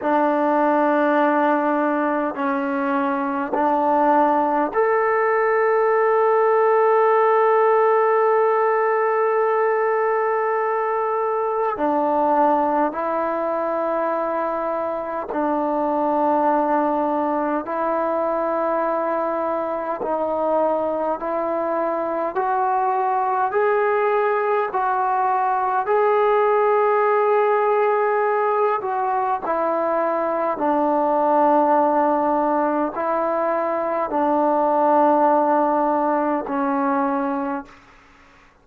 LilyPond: \new Staff \with { instrumentName = "trombone" } { \time 4/4 \tempo 4 = 51 d'2 cis'4 d'4 | a'1~ | a'2 d'4 e'4~ | e'4 d'2 e'4~ |
e'4 dis'4 e'4 fis'4 | gis'4 fis'4 gis'2~ | gis'8 fis'8 e'4 d'2 | e'4 d'2 cis'4 | }